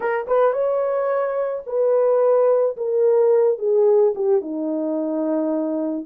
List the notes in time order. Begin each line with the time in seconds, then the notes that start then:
0.00 A#4
0.27 B4
0.52 C#5
1.66 B4
2.76 A#4
3.58 G#4
4.15 G4
4.41 D#4